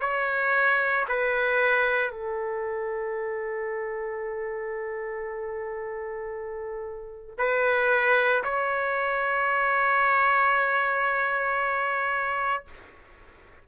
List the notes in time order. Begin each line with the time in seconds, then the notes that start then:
0.00 C#5
1.08 B4
2.11 A4
7.38 B4
8.44 C#5